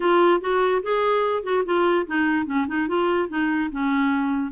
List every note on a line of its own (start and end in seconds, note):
0.00 0.40 F4
0.41 0.82 F#4
0.82 1.43 G#4
1.43 1.63 F#4
1.65 2.06 F4
2.07 2.45 D#4
2.45 2.66 C#4
2.67 2.88 D#4
2.88 3.28 F4
3.28 3.69 D#4
3.71 4.52 C#4